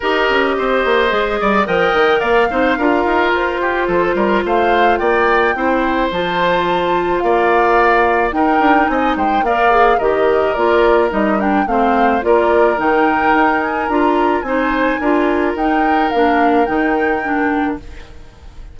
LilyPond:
<<
  \new Staff \with { instrumentName = "flute" } { \time 4/4 \tempo 4 = 108 dis''2. g''4 | f''2 c''2 | f''4 g''2 a''4~ | a''4 f''2 g''4 |
gis''8 g''8 f''4 dis''4 d''4 | dis''8 g''8 f''4 d''4 g''4~ | g''8 gis''8 ais''4 gis''2 | g''4 f''4 g''2 | }
  \new Staff \with { instrumentName = "oboe" } { \time 4/4 ais'4 c''4. d''8 dis''4 | d''8 c''8 ais'4. g'8 a'8 ais'8 | c''4 d''4 c''2~ | c''4 d''2 ais'4 |
dis''8 c''8 d''4 ais'2~ | ais'4 c''4 ais'2~ | ais'2 c''4 ais'4~ | ais'1 | }
  \new Staff \with { instrumentName = "clarinet" } { \time 4/4 g'2 gis'4 ais'4~ | ais'8 dis'8 f'2.~ | f'2 e'4 f'4~ | f'2. dis'4~ |
dis'4 ais'8 gis'8 g'4 f'4 | dis'8 d'8 c'4 f'4 dis'4~ | dis'4 f'4 dis'4 f'4 | dis'4 d'4 dis'4 d'4 | }
  \new Staff \with { instrumentName = "bassoon" } { \time 4/4 dis'8 cis'8 c'8 ais8 gis8 g8 f8 dis8 | ais8 c'8 d'8 dis'8 f'4 f8 g8 | a4 ais4 c'4 f4~ | f4 ais2 dis'8 d'8 |
c'8 gis8 ais4 dis4 ais4 | g4 a4 ais4 dis4 | dis'4 d'4 c'4 d'4 | dis'4 ais4 dis2 | }
>>